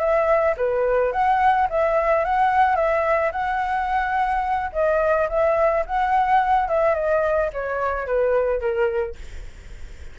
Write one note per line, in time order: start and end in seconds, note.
0.00 0.56 E5
0.57 1.13 B4
1.13 1.68 F#5
1.70 2.25 E5
2.25 2.77 F#5
2.77 3.32 E5
3.32 4.71 F#5
4.73 5.29 D#5
5.30 5.85 E5
5.87 6.69 F#5
6.69 6.95 E5
6.95 7.51 D#5
7.54 8.07 C#5
8.07 8.61 B4
8.61 9.16 A#4